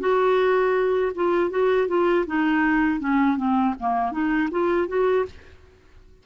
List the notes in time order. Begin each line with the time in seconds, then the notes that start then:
0.00 F#4
1.15 F4
1.51 F#4
1.88 F4
2.27 D#4
3.00 C#4
3.38 C4
3.80 A#3
4.12 D#4
4.51 F4
4.88 F#4